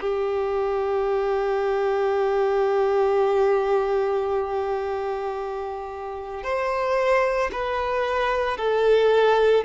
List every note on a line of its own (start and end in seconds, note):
0.00 6.43 G4
6.43 7.50 C5
7.52 8.57 B4
8.57 9.64 A4